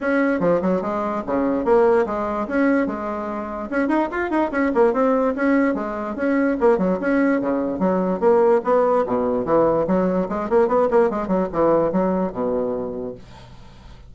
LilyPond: \new Staff \with { instrumentName = "bassoon" } { \time 4/4 \tempo 4 = 146 cis'4 f8 fis8 gis4 cis4 | ais4 gis4 cis'4 gis4~ | gis4 cis'8 dis'8 f'8 dis'8 cis'8 ais8 | c'4 cis'4 gis4 cis'4 |
ais8 fis8 cis'4 cis4 fis4 | ais4 b4 b,4 e4 | fis4 gis8 ais8 b8 ais8 gis8 fis8 | e4 fis4 b,2 | }